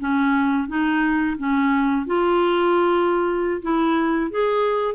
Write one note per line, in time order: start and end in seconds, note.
0.00 0.68 C#4
0.68 1.37 D#4
1.38 2.07 C#4
2.07 3.62 F4
3.62 4.31 E4
4.31 4.95 G#4